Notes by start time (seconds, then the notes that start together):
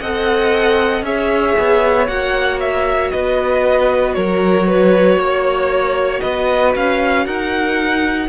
0.00 C4 A4 D#5 F#5
1.02 C#4 G#4 C#5 E5
1.58 B3
2.07 A#3 F#4 F#5
2.60 E5
3.11 B3 B4 D#5
4.14 F#3 A#4 C#5
4.67 B4
5.16 A#3 C#5
6.20 B3 B4 D#5
6.75 C#4 F5
7.25 D#4 A#4 F#5